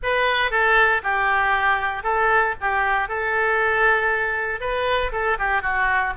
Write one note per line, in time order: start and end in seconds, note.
0.02 0.50 B4
0.50 1.01 A4
1.03 2.03 G4
2.03 2.54 A4
2.61 3.08 G4
3.08 4.60 A4
4.60 5.11 B4
5.11 5.37 A4
5.38 5.62 G4
5.62 6.13 F#4